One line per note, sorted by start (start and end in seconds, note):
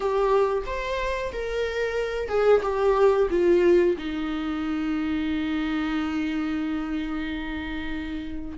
0.00 0.63 G4
0.66 1.32 C5
1.32 2.28 A#4
2.28 2.61 G#4
2.62 3.28 G4
3.30 3.96 F4
3.97 8.58 D#4